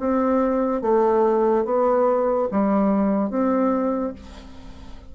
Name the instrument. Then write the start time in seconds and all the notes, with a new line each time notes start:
bassoon
0.00 C4
0.82 A3
1.65 B3
2.51 G3
3.30 C4